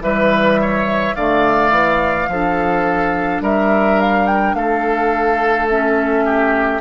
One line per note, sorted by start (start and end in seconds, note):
0.00 1.13 E3
0.00 1.14 G3
0.00 0.60 B4
0.00 1.15 E5
0.61 1.16 C#5
1.15 1.70 D3
1.15 2.31 A3
1.15 2.29 D5
1.15 3.41 F5
1.70 2.27 E3
2.28 3.41 F3
2.28 5.70 D4
2.28 3.42 A4
3.41 4.54 G3
3.41 4.55 A#4
3.41 4.00 E5
4.00 4.26 F5
4.26 4.54 G5
4.54 6.80 A3
4.54 6.25 A4
4.54 5.67 F5
5.69 6.81 C#4
5.69 6.81 E5
6.25 6.81 G4